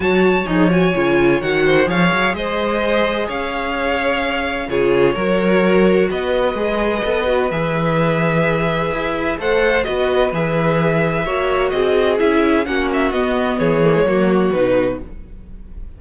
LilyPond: <<
  \new Staff \with { instrumentName = "violin" } { \time 4/4 \tempo 4 = 128 a''4 dis'8 gis''4. fis''4 | f''4 dis''2 f''4~ | f''2 cis''2~ | cis''4 dis''2. |
e''1 | fis''4 dis''4 e''2~ | e''4 dis''4 e''4 fis''8 e''8 | dis''4 cis''2 b'4 | }
  \new Staff \with { instrumentName = "violin" } { \time 4/4 cis''2.~ cis''8 c''8 | cis''4 c''2 cis''4~ | cis''2 gis'4 ais'4~ | ais'4 b'2.~ |
b'1 | c''4 b'2. | cis''4 gis'2 fis'4~ | fis'4 gis'4 fis'2 | }
  \new Staff \with { instrumentName = "viola" } { \time 4/4 fis'4 gis'8 fis'8 f'4 fis'4 | gis'1~ | gis'2 f'4 fis'4~ | fis'2 gis'4 a'8 fis'8 |
gis'1 | a'4 fis'4 gis'2 | fis'2 e'4 cis'4 | b4. ais16 gis16 ais4 dis'4 | }
  \new Staff \with { instrumentName = "cello" } { \time 4/4 fis4 f4 cis4 dis4 | f8 fis8 gis2 cis'4~ | cis'2 cis4 fis4~ | fis4 b4 gis4 b4 |
e2. e'4 | a4 b4 e2 | ais4 c'4 cis'4 ais4 | b4 e4 fis4 b,4 | }
>>